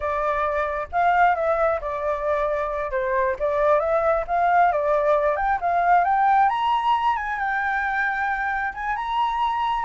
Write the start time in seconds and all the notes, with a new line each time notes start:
0.00 D5
0.92 F5
1.35 E5
1.80 D5
2.91 C5
3.39 D5
3.79 E5
4.27 F5
4.72 D5
5.36 G5
5.61 F5
6.04 G5
6.49 A#5
7.16 G#5
7.38 G5
8.73 G#5
8.96 A#5